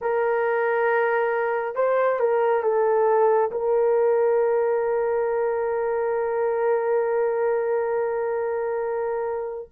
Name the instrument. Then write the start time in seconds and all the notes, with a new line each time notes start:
horn
0.01 A#4
1.75 C5
2.19 A#4
2.62 A4
3.51 A#4